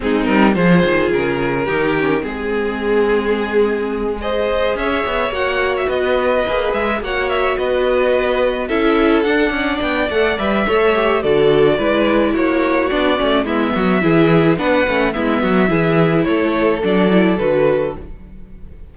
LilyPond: <<
  \new Staff \with { instrumentName = "violin" } { \time 4/4 \tempo 4 = 107 gis'8 ais'8 c''4 ais'2 | gis'2.~ gis'8 dis''8~ | dis''8 e''4 fis''8. e''16 dis''4. | e''8 fis''8 e''8 dis''2 e''8~ |
e''8 fis''4 g''8 fis''8 e''4. | d''2 cis''4 d''4 | e''2 fis''4 e''4~ | e''4 cis''4 d''4 b'4 | }
  \new Staff \with { instrumentName = "violin" } { \time 4/4 dis'4 gis'2 g'4 | gis'2.~ gis'8 c''8~ | c''8 cis''2 b'4.~ | b'8 cis''4 b'2 a'8~ |
a'4 d''2 cis''4 | a'4 b'4 fis'2 | e'8 fis'8 gis'4 b'4 e'8 fis'8 | gis'4 a'2. | }
  \new Staff \with { instrumentName = "viola" } { \time 4/4 c'4 f'2 dis'8 cis'8 | c'2.~ c'8 gis'8~ | gis'4. fis'2 gis'8~ | gis'8 fis'2. e'8~ |
e'8 d'4. a'8 b'8 a'8 g'8 | fis'4 e'2 d'8 cis'8 | b4 e'4 d'8 cis'8 b4 | e'2 d'8 e'8 fis'4 | }
  \new Staff \with { instrumentName = "cello" } { \time 4/4 gis8 g8 f8 dis8 cis4 dis4 | gis1~ | gis8 cis'8 b8 ais4 b4 ais8 | gis8 ais4 b2 cis'8~ |
cis'8 d'8 cis'8 b8 a8 g8 a4 | d4 gis4 ais4 b8 a8 | gis8 fis8 e4 b8 a8 gis8 fis8 | e4 a4 fis4 d4 | }
>>